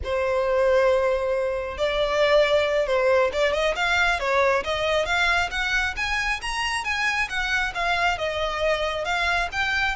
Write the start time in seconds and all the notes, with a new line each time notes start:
0.04 C5
1.77 D5
2.86 C5
3.32 D5
3.52 D#5
3.75 F5
4.19 C#5
4.64 D#5
5.05 F5
5.50 F#5
5.96 G#5
6.41 A#5
6.84 G#5
7.29 F#5
7.74 F5
8.18 D#5
9.04 F5
9.52 G5